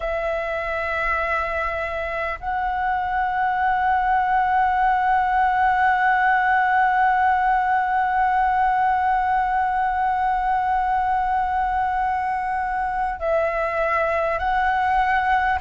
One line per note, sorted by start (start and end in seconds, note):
0.00 2.39 E5
2.40 13.19 F#5
13.19 14.38 E5
14.38 15.58 F#5